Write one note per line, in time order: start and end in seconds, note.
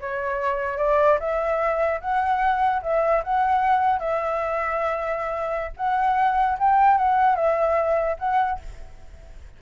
0.00 0.77 C#5
0.77 1.18 D5
1.19 2.00 E5
2.00 2.81 F#5
2.82 3.22 E5
3.23 3.99 F#5
3.99 5.71 E5
5.76 6.57 F#5
6.58 6.97 G5
6.97 7.35 F#5
7.35 8.16 E5
8.18 8.59 F#5